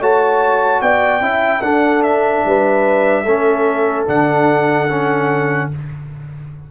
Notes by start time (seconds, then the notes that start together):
0.00 A3 F#4 C#5 A5
0.82 B3 D5 G5
1.21 C#4 E4 E5
1.62 D4 A4 F#5
2.03 E5
2.46 G3 B4
3.25 A3 C#4 A4
4.07 D3 D4 F#5
4.90 C#4